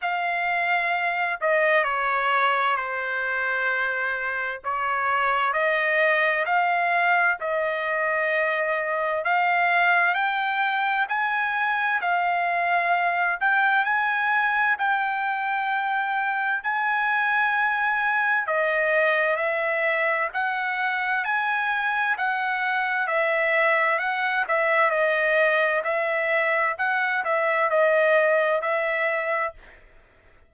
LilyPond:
\new Staff \with { instrumentName = "trumpet" } { \time 4/4 \tempo 4 = 65 f''4. dis''8 cis''4 c''4~ | c''4 cis''4 dis''4 f''4 | dis''2 f''4 g''4 | gis''4 f''4. g''8 gis''4 |
g''2 gis''2 | dis''4 e''4 fis''4 gis''4 | fis''4 e''4 fis''8 e''8 dis''4 | e''4 fis''8 e''8 dis''4 e''4 | }